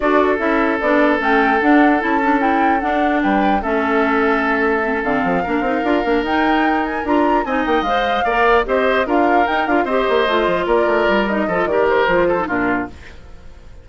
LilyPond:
<<
  \new Staff \with { instrumentName = "flute" } { \time 4/4 \tempo 4 = 149 d''4 e''4 d''4 g''4 | fis''4 a''4 g''4 fis''4 | g''4 e''2.~ | e''8 f''2. g''8~ |
g''4 gis''8 ais''4 gis''8 g''8 f''8~ | f''4. dis''4 f''4 g''8 | f''8 dis''2 d''4. | dis''4 d''8 c''4. ais'4 | }
  \new Staff \with { instrumentName = "oboe" } { \time 4/4 a'1~ | a'1 | b'4 a'2.~ | a'4. ais'2~ ais'8~ |
ais'2~ ais'8 dis''4.~ | dis''8 d''4 c''4 ais'4.~ | ais'8 c''2 ais'4.~ | ais'8 a'8 ais'4. a'8 f'4 | }
  \new Staff \with { instrumentName = "clarinet" } { \time 4/4 fis'4 e'4 d'4 cis'4 | d'4 e'8 d'8 e'4 d'4~ | d'4 cis'2. | c'16 cis'16 c'4 d'8 dis'8 f'8 d'8 dis'8~ |
dis'4. f'4 dis'4 c''8~ | c''8 ais'4 g'4 f'4 dis'8 | f'8 g'4 f'2~ f'8 | dis'8 f'8 g'4 f'8. dis'16 d'4 | }
  \new Staff \with { instrumentName = "bassoon" } { \time 4/4 d'4 cis'4 b4 a4 | d'4 cis'2 d'4 | g4 a2.~ | a8 d8 f8 ais8 c'8 d'8 ais8 dis'8~ |
dis'4. d'4 c'8 ais8 gis8~ | gis8 ais4 c'4 d'4 dis'8 | d'8 c'8 ais8 a8 f8 ais8 a8 g8~ | g8 f8 dis4 f4 ais,4 | }
>>